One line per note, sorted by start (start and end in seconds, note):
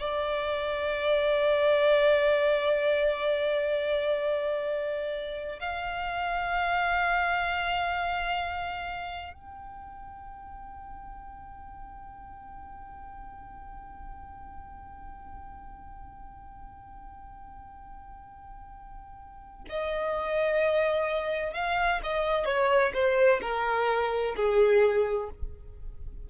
0.00 5.60 D5
5.60 9.34 F5
9.34 19.65 G5
19.70 21.54 D#5
21.54 22.01 F5
22.03 22.46 D#5
22.46 22.93 C#5
22.94 23.41 C5
23.42 24.35 A#4
24.36 25.30 G#4